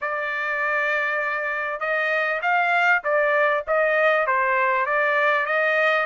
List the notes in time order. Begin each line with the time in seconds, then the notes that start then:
0.01 D5
1.80 D#5
2.42 F5
3.03 D5
3.67 D#5
4.26 C5
4.85 D5
5.45 D#5